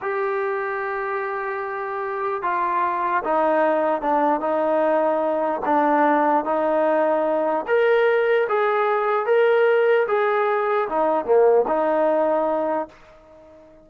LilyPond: \new Staff \with { instrumentName = "trombone" } { \time 4/4 \tempo 4 = 149 g'1~ | g'2 f'2 | dis'2 d'4 dis'4~ | dis'2 d'2 |
dis'2. ais'4~ | ais'4 gis'2 ais'4~ | ais'4 gis'2 dis'4 | ais4 dis'2. | }